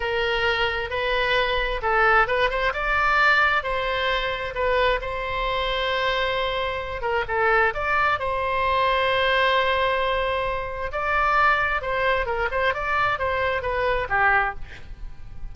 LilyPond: \new Staff \with { instrumentName = "oboe" } { \time 4/4 \tempo 4 = 132 ais'2 b'2 | a'4 b'8 c''8 d''2 | c''2 b'4 c''4~ | c''2.~ c''8 ais'8 |
a'4 d''4 c''2~ | c''1 | d''2 c''4 ais'8 c''8 | d''4 c''4 b'4 g'4 | }